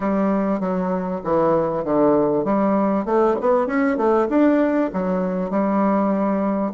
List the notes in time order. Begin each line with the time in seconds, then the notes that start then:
0.00 G3
0.60 F#3
1.24 E3
1.84 D3
2.44 G3
3.05 A3
3.41 B3
3.67 C#4
3.97 A3
4.29 D4
4.93 F#3
5.50 G3